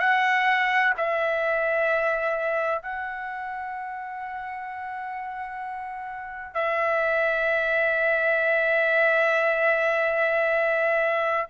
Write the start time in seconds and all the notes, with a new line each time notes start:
0.00 F#5
0.98 E5
2.83 F#5
6.55 E5